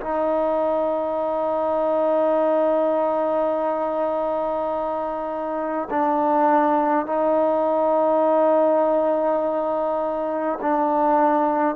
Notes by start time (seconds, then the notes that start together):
0.00 D#4
5.90 D4
7.06 D#4
10.61 D4